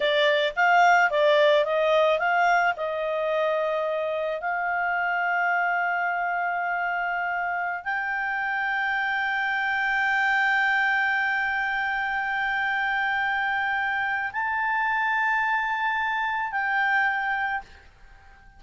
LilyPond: \new Staff \with { instrumentName = "clarinet" } { \time 4/4 \tempo 4 = 109 d''4 f''4 d''4 dis''4 | f''4 dis''2. | f''1~ | f''2~ f''16 g''4.~ g''16~ |
g''1~ | g''1~ | g''2 a''2~ | a''2 g''2 | }